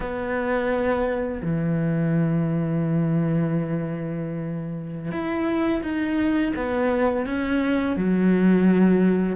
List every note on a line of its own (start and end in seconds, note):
0.00 1.41 B3
1.41 5.11 E3
5.11 5.82 E4
5.82 6.53 D#4
6.56 7.25 B3
7.25 7.96 C#4
7.96 9.35 F#3